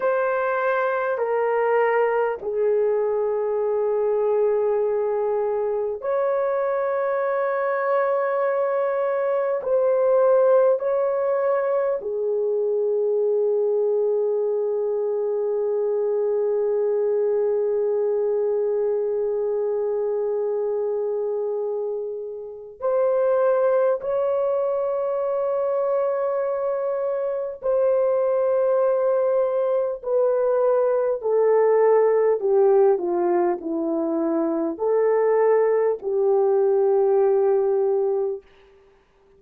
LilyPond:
\new Staff \with { instrumentName = "horn" } { \time 4/4 \tempo 4 = 50 c''4 ais'4 gis'2~ | gis'4 cis''2. | c''4 cis''4 gis'2~ | gis'1~ |
gis'2. c''4 | cis''2. c''4~ | c''4 b'4 a'4 g'8 f'8 | e'4 a'4 g'2 | }